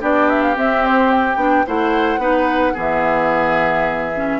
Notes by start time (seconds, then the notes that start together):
0.00 B3 D4 G4 D5
0.29 E5
0.42 F5
0.55 C4 E5
0.84 C5
1.11 G5
1.36 B3 D4
1.66 A3 E4 C5 F#5
2.17 B3 D#4 B4
2.73 E3 B3 G#4 E5
4.15 C#4